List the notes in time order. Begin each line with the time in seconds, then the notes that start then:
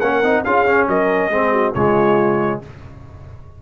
0.00 A#3 C#4 A#4 F#5
0.23 C4 D#4
0.45 C#4 F4 G#4 F5
0.66 C#4
0.88 F#3 A#4 D#5
1.29 G#3 C4 G#4
1.52 F#4
1.74 C#3 G#3 F4 C#5